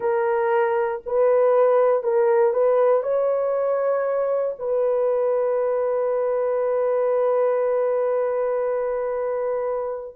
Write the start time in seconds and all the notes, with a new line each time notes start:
0.00 A#4
1.06 B4
2.03 A#4
2.53 B4
3.02 C#5
4.58 B4